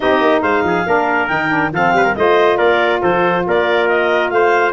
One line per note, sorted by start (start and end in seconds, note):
0.00 0.20 C4
0.00 0.84 D#4
0.00 0.42 G4
0.00 0.41 D#5
0.20 0.42 A#3
0.41 0.63 G#3
0.41 0.64 C5
0.41 1.27 F5
0.63 0.85 F3
0.63 0.87 G#4
0.86 1.29 A#3
0.86 1.28 D4
0.86 1.73 A#4
1.27 1.72 D#3
1.27 1.48 D#4
1.27 1.70 G5
1.48 1.70 D4
1.72 1.93 F3
1.72 2.16 C4
1.72 1.95 A4
1.72 2.15 F5
1.93 2.14 G3
1.93 2.04 B4
2.04 2.15 A#4
2.15 2.59 A3
2.15 4.73 F4
2.15 2.57 C5
2.15 2.57 D#5
2.57 3.02 A#3
2.57 3.00 A#4
2.57 3.00 D5
3.01 3.46 F3
3.01 3.44 A4
3.01 3.45 C5
3.47 4.31 A#3
3.47 4.33 A#4
3.47 3.88 D5
3.88 4.29 D#5
4.29 4.73 A3
4.29 4.73 C5
4.29 4.72 F5